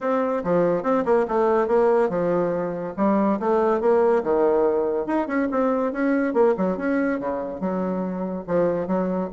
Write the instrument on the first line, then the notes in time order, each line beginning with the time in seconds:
bassoon
0.01 C4
0.44 F3
0.83 C4
1.05 A#3
1.28 A3
1.67 A#3
2.09 F3
2.97 G3
3.39 A3
3.80 A#3
4.23 D#3
5.06 D#4
5.27 C#4
5.51 C4
5.92 C#4
6.33 A#3
6.57 F#3
6.77 C#4
7.19 C#3
7.60 F#3
8.47 F3
8.87 F#3